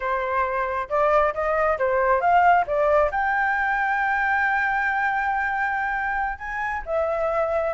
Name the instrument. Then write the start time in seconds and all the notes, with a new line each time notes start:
flute
0.00 C5
0.89 D5
1.34 D#5
1.78 C5
2.20 F5
2.66 D5
3.11 G5
6.38 G#5
6.85 E5